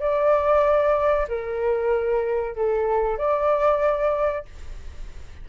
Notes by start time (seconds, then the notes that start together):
0.00 D5
1.29 A#4
2.56 A4
3.18 D5